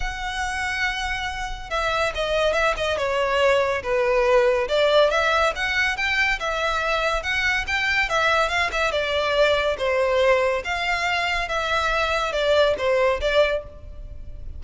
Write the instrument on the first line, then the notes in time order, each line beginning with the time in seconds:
violin
0.00 F#5
1.70 E5
2.14 D#5
2.53 E5
2.76 D#5
2.97 C#5
3.82 B4
4.68 D5
5.10 E5
5.55 F#5
5.96 G5
6.39 E5
7.22 F#5
7.67 G5
8.09 E5
8.49 F5
8.71 E5
8.91 D5
9.78 C5
10.64 F5
11.48 E5
12.32 D5
12.78 C5
13.20 D5